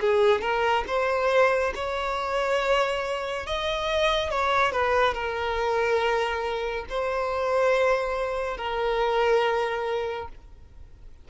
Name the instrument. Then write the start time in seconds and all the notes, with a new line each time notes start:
violin
0.00 G#4
0.41 A#4
0.87 C5
1.75 C#5
3.46 D#5
4.30 C#5
4.72 B4
5.14 A#4
6.89 C5
8.57 A#4